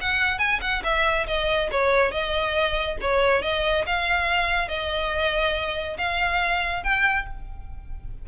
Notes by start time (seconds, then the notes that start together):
0.00 F#5
0.38 G#5
0.61 F#5
0.83 E5
1.27 D#5
1.71 C#5
2.11 D#5
3.01 C#5
3.42 D#5
3.86 F5
4.68 D#5
5.97 F5
6.83 G5